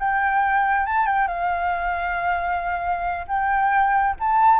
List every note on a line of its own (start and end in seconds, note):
0.00 0.86 G5
0.86 1.07 A5
1.07 1.28 G5
1.28 3.26 F5
3.28 4.16 G5
4.20 4.60 A5